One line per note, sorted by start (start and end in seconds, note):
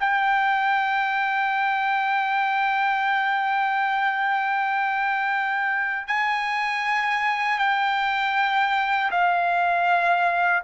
0.00 6.08 G5
6.08 7.59 G#5
7.59 9.11 G5
9.11 10.63 F5